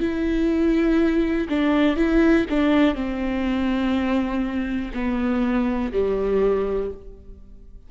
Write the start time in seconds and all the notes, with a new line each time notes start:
0.00 E4
1.49 D4
1.96 E4
2.50 D4
2.95 C4
4.94 B3
5.92 G3